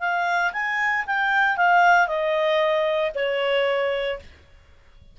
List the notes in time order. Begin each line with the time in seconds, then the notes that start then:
0.00 F5
0.53 G#5
1.06 G5
1.57 F5
2.08 D#5
3.15 C#5